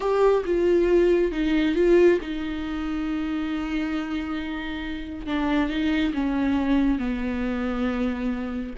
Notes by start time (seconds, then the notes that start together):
0.00 G4
0.45 F4
1.31 D#4
1.75 F4
2.21 D#4
5.26 D4
5.69 D#4
6.13 C#4
6.98 B3